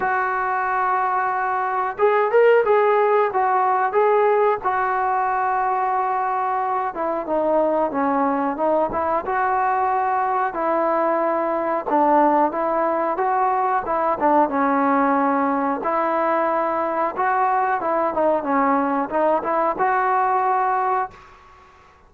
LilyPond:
\new Staff \with { instrumentName = "trombone" } { \time 4/4 \tempo 4 = 91 fis'2. gis'8 ais'8 | gis'4 fis'4 gis'4 fis'4~ | fis'2~ fis'8 e'8 dis'4 | cis'4 dis'8 e'8 fis'2 |
e'2 d'4 e'4 | fis'4 e'8 d'8 cis'2 | e'2 fis'4 e'8 dis'8 | cis'4 dis'8 e'8 fis'2 | }